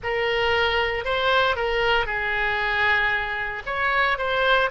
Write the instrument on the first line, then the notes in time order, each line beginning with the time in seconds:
oboe
0.03 A#4
1.05 C5
1.56 A#4
2.06 G#4
3.66 C#5
4.18 C5